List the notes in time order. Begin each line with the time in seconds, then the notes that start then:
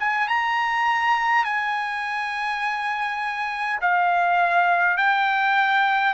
0.00 G#5
0.28 A#5
1.45 G#5
3.81 F5
4.98 G5